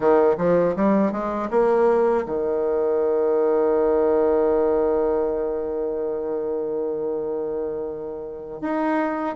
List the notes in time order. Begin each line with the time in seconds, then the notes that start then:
0.00 D#3
0.37 F3
0.76 G3
1.11 G#3
1.50 A#3
2.25 D#3
8.61 D#4